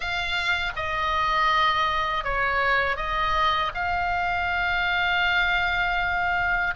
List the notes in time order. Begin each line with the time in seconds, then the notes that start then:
0.00 F5
0.76 D#5
2.24 C#5
2.96 D#5
3.74 F5